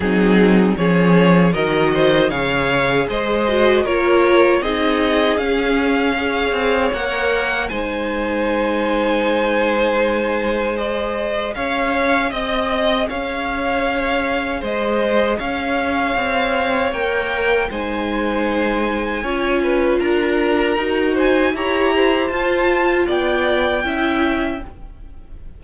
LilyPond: <<
  \new Staff \with { instrumentName = "violin" } { \time 4/4 \tempo 4 = 78 gis'4 cis''4 dis''4 f''4 | dis''4 cis''4 dis''4 f''4~ | f''4 fis''4 gis''2~ | gis''2 dis''4 f''4 |
dis''4 f''2 dis''4 | f''2 g''4 gis''4~ | gis''2 ais''4. gis''8 | ais''4 a''4 g''2 | }
  \new Staff \with { instrumentName = "violin" } { \time 4/4 dis'4 gis'4 ais'8 c''8 cis''4 | c''4 ais'4 gis'2 | cis''2 c''2~ | c''2. cis''4 |
dis''4 cis''2 c''4 | cis''2. c''4~ | c''4 cis''8 b'8 ais'4. c''8 | cis''8 c''4. d''4 e''4 | }
  \new Staff \with { instrumentName = "viola" } { \time 4/4 c'4 cis'4 fis'4 gis'4~ | gis'8 fis'8 f'4 dis'4 cis'4 | gis'4 ais'4 dis'2~ | dis'2 gis'2~ |
gis'1~ | gis'2 ais'4 dis'4~ | dis'4 f'2 fis'4 | g'4 f'2 e'4 | }
  \new Staff \with { instrumentName = "cello" } { \time 4/4 fis4 f4 dis4 cis4 | gis4 ais4 c'4 cis'4~ | cis'8 c'8 ais4 gis2~ | gis2. cis'4 |
c'4 cis'2 gis4 | cis'4 c'4 ais4 gis4~ | gis4 cis'4 d'4 dis'4 | e'4 f'4 b4 cis'4 | }
>>